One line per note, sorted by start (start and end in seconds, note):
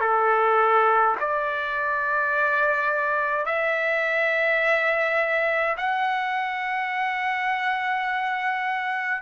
0.00 1.15 A4
1.20 3.46 D5
3.46 5.76 E5
5.77 9.22 F#5